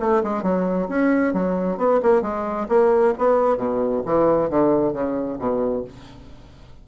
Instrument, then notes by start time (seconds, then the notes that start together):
bassoon
0.00 A3
0.23 G#3
0.43 F#3
0.89 C#4
1.34 F#3
1.78 B3
2.03 A#3
2.22 G#3
2.69 A#3
3.18 B3
3.57 B2
4.06 E3
4.50 D3
4.93 C#3
5.39 B2